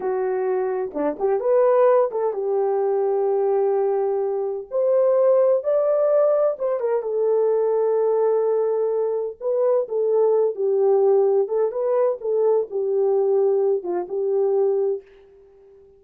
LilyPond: \new Staff \with { instrumentName = "horn" } { \time 4/4 \tempo 4 = 128 fis'2 d'8 g'8 b'4~ | b'8 a'8 g'2.~ | g'2 c''2 | d''2 c''8 ais'8 a'4~ |
a'1 | b'4 a'4. g'4.~ | g'8 a'8 b'4 a'4 g'4~ | g'4. f'8 g'2 | }